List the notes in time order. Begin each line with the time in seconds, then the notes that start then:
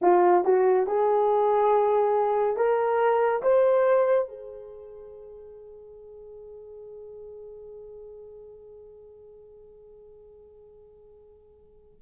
0.01 F4
0.44 F#4
0.86 G#4
2.56 A#4
3.42 C5
4.28 G#4